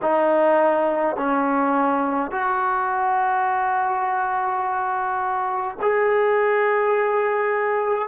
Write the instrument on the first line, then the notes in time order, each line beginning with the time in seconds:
trombone
0.02 D#4
1.16 C#4
2.31 F#4
5.81 G#4